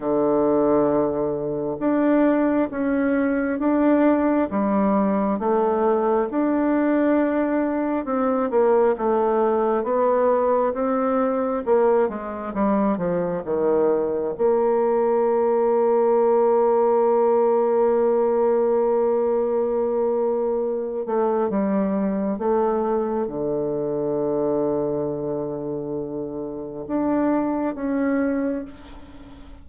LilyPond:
\new Staff \with { instrumentName = "bassoon" } { \time 4/4 \tempo 4 = 67 d2 d'4 cis'4 | d'4 g4 a4 d'4~ | d'4 c'8 ais8 a4 b4 | c'4 ais8 gis8 g8 f8 dis4 |
ais1~ | ais2.~ ais8 a8 | g4 a4 d2~ | d2 d'4 cis'4 | }